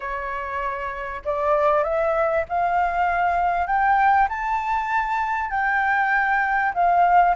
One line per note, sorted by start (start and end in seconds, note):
0.00 1.22 C#5
1.24 1.83 D5
1.83 2.44 E5
2.49 3.66 F5
3.66 4.27 G5
4.29 5.50 A5
5.50 6.73 G5
6.73 7.35 F5